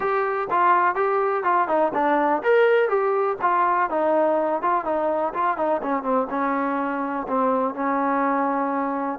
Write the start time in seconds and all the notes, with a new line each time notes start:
0.00 G4
0.50 F4
0.95 G4
1.43 F4
1.67 D#4
1.94 D4
2.43 A#4
2.88 G4
3.41 F4
3.90 D#4
4.62 F4
4.85 D#4
5.33 F4
5.57 D#4
5.82 C#4
6.02 C4
6.30 C#4
7.27 C4
7.74 C#4